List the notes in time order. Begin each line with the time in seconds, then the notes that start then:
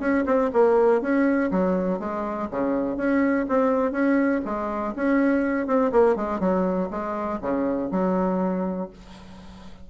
0.00 C#4
0.26 C4
0.53 A#3
1.02 C#4
1.51 F#3
1.99 G#3
2.51 C#3
2.97 C#4
3.49 C4
3.92 C#4
4.45 G#3
4.96 C#4
5.67 C4
5.92 A#3
6.16 G#3
6.40 F#3
6.91 G#3
7.41 C#3
7.92 F#3